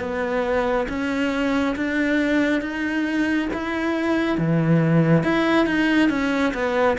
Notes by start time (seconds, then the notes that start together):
0.00 B3
0.89 C#4
1.76 D4
2.62 D#4
3.53 E4
4.38 E3
5.23 E4
5.66 D#4
6.09 C#4
6.54 B3